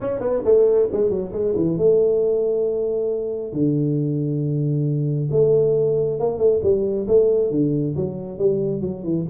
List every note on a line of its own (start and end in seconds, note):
0.00 0.19 C#4
0.19 0.42 B3
0.44 0.88 A3
0.92 1.09 G#3
1.09 1.32 F#3
1.32 1.54 G#3
1.55 1.77 E3
1.77 3.53 A3
3.53 5.29 D3
5.31 6.19 A3
6.19 6.37 A#3
6.37 6.60 A3
6.62 7.06 G3
7.07 7.51 A3
7.51 7.95 D3
7.96 8.38 F#3
8.38 8.81 G3
8.81 9.03 F#3
9.03 9.25 E3